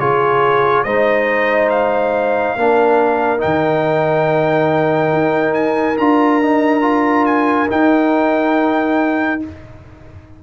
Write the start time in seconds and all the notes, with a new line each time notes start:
0.00 C#3 F4 G#4 C#5
0.84 G#3 D#4 C5 D#5
1.70 F5
2.56 A#3 D4 A#4
3.38 D#4 G5
3.45 D#3
5.13 D#4
5.54 G#5
5.98 D4 F4 A#5
6.43 D#4
6.82 F4
7.26 G#5
7.69 D#4 G5